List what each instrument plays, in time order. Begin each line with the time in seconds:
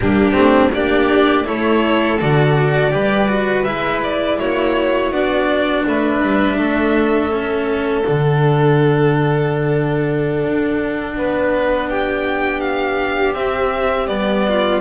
0.00 double bass G3, cello A#3, violin D4 G4
0.32 double bass A3, cello C4
0.73 double bass A#3, cello D4, violin G4 D5
1.44 double bass A3, cello E4, violin A4 C#5
2.20 double bass D3, cello F#4, violin D5
2.91 double bass G3, cello G4, violin B4
3.27 cello F#4
3.63 double bass G#3, cello E4, violin E5
4.02 violin D5
4.38 double bass A#3, violin F#4 C#5
5.10 double bass B3, cello D4, violin D5
5.86 double bass A3, violin B4 E5
6.22 double bass G3
6.57 double bass A3, violin A4
7.30 cello C#4
8.05 double bass D3, cello D4, violin F#5
10.43 double bass D4
11.16 double bass B3, violin B4
11.89 violin G4 G5
12.60 violin F5
13.34 cello C4, double bass C4, violin E5
14.07 double bass G3, cello B3, violin D5
14.48 violin F4